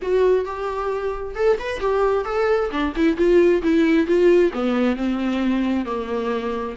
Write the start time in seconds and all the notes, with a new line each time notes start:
0.02 F#4
0.45 G4
1.35 A4
1.59 B4
1.80 G4
2.24 A4
2.70 D4
2.96 E4
3.16 F4
3.62 E4
4.06 F4
4.53 B3
4.96 C4
5.85 A#3